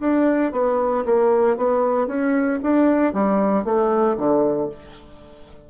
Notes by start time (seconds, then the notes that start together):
0.00 D4
0.52 B3
1.06 A#3
1.57 B3
2.08 C#4
2.63 D4
3.14 G3
3.65 A3
4.17 D3